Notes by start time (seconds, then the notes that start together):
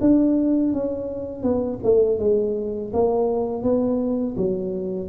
0.00 D4
0.73 C#4
1.43 B3
1.83 A3
2.19 G#3
2.93 A#3
3.63 B3
4.37 F#3